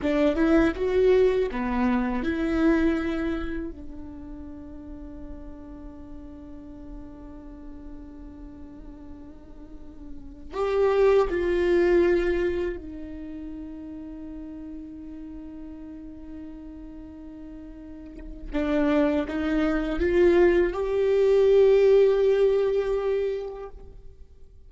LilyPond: \new Staff \with { instrumentName = "viola" } { \time 4/4 \tempo 4 = 81 d'8 e'8 fis'4 b4 e'4~ | e'4 d'2.~ | d'1~ | d'2~ d'16 g'4 f'8.~ |
f'4~ f'16 dis'2~ dis'8.~ | dis'1~ | dis'4 d'4 dis'4 f'4 | g'1 | }